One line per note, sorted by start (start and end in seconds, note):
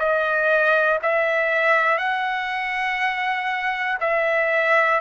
0.00 1.00 D#5
1.03 1.99 E5
1.99 3.99 F#5
4.01 5.01 E5